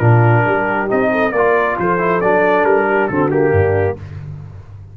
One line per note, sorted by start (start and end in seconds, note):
0.00 0.45 A#2
0.00 0.88 D4
0.00 0.44 F4
0.00 0.88 A#4
0.45 0.90 G3
0.45 1.11 G4
0.88 1.32 C4
0.88 1.32 D#4
0.88 1.32 D#5
1.12 1.34 A4
1.32 1.77 A#3
1.32 1.99 F4
1.32 1.79 A#4
1.32 1.77 D5
1.79 2.23 F3
1.79 2.88 A4
1.79 2.21 C5
1.99 2.21 E4
2.21 2.64 F#3
2.21 3.12 D4
2.21 2.65 D5
2.64 3.08 G3
2.64 3.08 A#4
2.88 3.10 G4
3.08 3.52 D3
3.08 3.31 C4
3.08 3.53 F#4
3.08 3.30 A4
3.31 3.97 A#3
3.31 3.97 G4
3.52 3.96 G2
3.52 3.97 D4